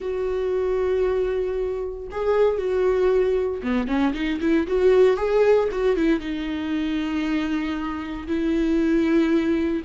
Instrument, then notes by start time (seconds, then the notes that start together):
viola
0.00 F#4
2.11 G#4
2.58 F#4
3.62 B3
3.87 C#4
4.13 D#4
4.40 E4
4.67 F#4
5.17 G#4
5.71 F#4
5.96 E4
6.20 D#4
8.27 E4